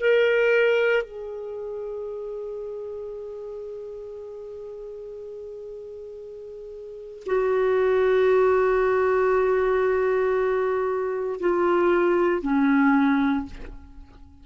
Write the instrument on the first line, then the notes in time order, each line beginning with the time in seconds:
clarinet
0.00 A#4
1.03 G#4
7.26 F#4
11.40 F4
12.42 C#4